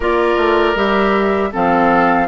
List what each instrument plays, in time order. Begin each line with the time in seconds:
0.00 bassoon A#3, clarinet F4, oboe A#4, flute D5
0.37 bassoon A3
0.75 bassoon G3, clarinet G4, flute E5
1.52 bassoon F3, clarinet C4, oboe A4, flute F5